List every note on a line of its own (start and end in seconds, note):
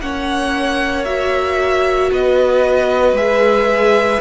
0.00 2.11 A#3
0.00 1.06 C#4
0.00 2.11 C#5
0.00 1.04 F#5
1.04 3.16 F#4
1.04 2.10 E5
2.11 3.12 B3
2.11 4.20 B4
2.11 3.17 D#5
3.12 4.18 G#3
3.12 4.20 G#4
3.12 4.20 E5